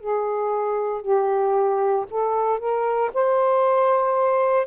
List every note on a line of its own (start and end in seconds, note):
0.00 1.02 G#4
1.02 2.05 G4
2.10 2.59 A4
2.59 3.11 A#4
3.14 4.66 C5